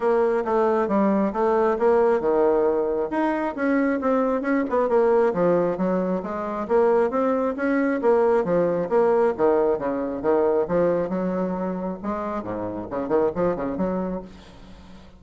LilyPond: \new Staff \with { instrumentName = "bassoon" } { \time 4/4 \tempo 4 = 135 ais4 a4 g4 a4 | ais4 dis2 dis'4 | cis'4 c'4 cis'8 b8 ais4 | f4 fis4 gis4 ais4 |
c'4 cis'4 ais4 f4 | ais4 dis4 cis4 dis4 | f4 fis2 gis4 | gis,4 cis8 dis8 f8 cis8 fis4 | }